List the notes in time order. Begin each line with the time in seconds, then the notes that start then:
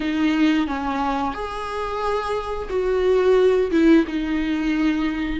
0.00 D#4
0.67 C#4
1.34 G#4
2.69 F#4
3.71 E4
4.07 D#4